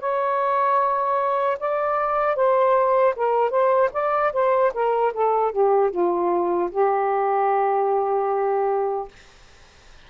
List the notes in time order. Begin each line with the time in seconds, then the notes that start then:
0.00 C#5
1.60 D5
2.36 C5
3.16 A#4
3.50 C5
3.93 D5
4.33 C5
4.74 A#4
5.14 A4
5.52 G4
5.91 F4
6.71 G4